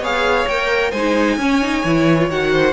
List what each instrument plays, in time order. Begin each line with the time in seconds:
0.00 cello B3, viola G#4, violin C#5 F5
0.48 cello A#3, viola A#4, violin G5
0.91 cello G#3, viola D#4, violin C5 G#5
1.37 cello C#4, viola C#4, violin C#5
1.62 viola D#4
1.84 cello E3, viola E4
2.20 viola F4
2.30 cello D#3, viola F#4, violin F#5
2.52 violin C5